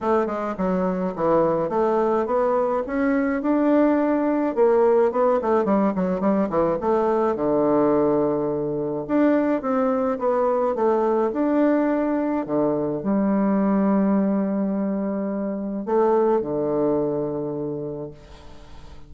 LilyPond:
\new Staff \with { instrumentName = "bassoon" } { \time 4/4 \tempo 4 = 106 a8 gis8 fis4 e4 a4 | b4 cis'4 d'2 | ais4 b8 a8 g8 fis8 g8 e8 | a4 d2. |
d'4 c'4 b4 a4 | d'2 d4 g4~ | g1 | a4 d2. | }